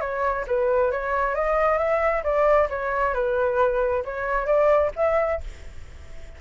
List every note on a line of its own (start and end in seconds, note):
0.00 0.45 C#5
0.47 0.91 B4
0.91 1.35 C#5
1.35 1.78 D#5
1.78 2.23 E5
2.23 2.68 D5
2.69 3.14 C#5
3.14 4.03 B4
4.05 4.46 C#5
4.46 4.91 D5
4.96 5.41 E5